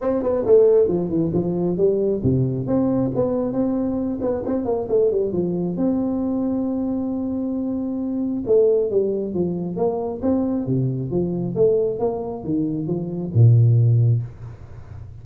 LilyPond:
\new Staff \with { instrumentName = "tuba" } { \time 4/4 \tempo 4 = 135 c'8 b8 a4 f8 e8 f4 | g4 c4 c'4 b4 | c'4. b8 c'8 ais8 a8 g8 | f4 c'2.~ |
c'2. a4 | g4 f4 ais4 c'4 | c4 f4 a4 ais4 | dis4 f4 ais,2 | }